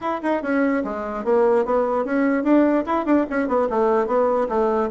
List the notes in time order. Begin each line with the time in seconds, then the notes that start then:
0.01 E4
0.22 D#4
0.42 C#4
0.84 G#3
1.24 A#3
1.65 B3
2.04 C#4
2.43 D4
2.86 E4
3.05 D4
3.30 C#4
3.48 B3
3.69 A3
4.06 B3
4.48 A3